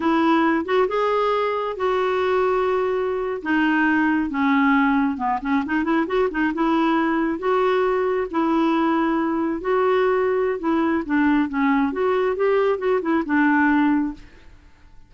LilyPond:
\new Staff \with { instrumentName = "clarinet" } { \time 4/4 \tempo 4 = 136 e'4. fis'8 gis'2 | fis'2.~ fis'8. dis'16~ | dis'4.~ dis'16 cis'2 b16~ | b16 cis'8 dis'8 e'8 fis'8 dis'8 e'4~ e'16~ |
e'8. fis'2 e'4~ e'16~ | e'4.~ e'16 fis'2~ fis'16 | e'4 d'4 cis'4 fis'4 | g'4 fis'8 e'8 d'2 | }